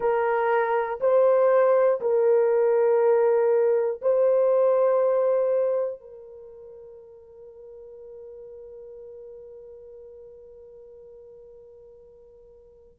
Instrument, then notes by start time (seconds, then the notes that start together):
horn
0.00 A#4
1.00 C5
2.00 A#4
4.01 C5
6.00 A#4